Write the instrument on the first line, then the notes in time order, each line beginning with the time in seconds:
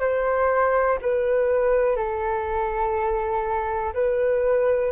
flute
0.00 C5
1.01 B4
1.96 A4
3.93 B4